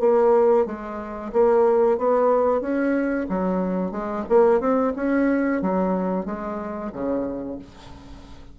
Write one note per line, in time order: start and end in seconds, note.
0.00 0.66 A#3
0.66 1.32 G#3
1.33 1.98 A#3
1.98 2.61 B3
2.61 3.27 C#4
3.29 3.92 F#3
3.92 4.25 G#3
4.29 4.60 A#3
4.60 4.93 C4
4.96 5.62 C#4
5.62 6.26 F#3
6.26 6.92 G#3
6.93 7.59 C#3